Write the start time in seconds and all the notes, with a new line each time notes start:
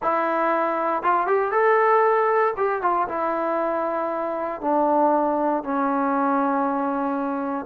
0.02 E4
1.03 F4
1.26 G4
1.51 A4
2.56 G4
2.82 F4
3.08 E4
4.61 D4
5.63 C#4